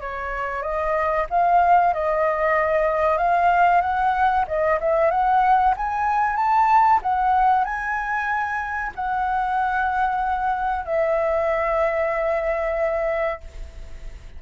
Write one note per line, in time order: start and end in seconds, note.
0.00 0.62 C#5
0.62 1.26 D#5
1.30 1.93 F5
1.93 3.17 D#5
3.17 3.81 F5
3.81 4.45 F#5
4.47 4.79 D#5
4.80 5.10 E5
5.10 5.74 F#5
5.76 6.36 G#5
6.36 7.00 A5
7.02 7.64 F#5
7.64 8.92 G#5
8.95 10.85 F#5
10.85 13.40 E5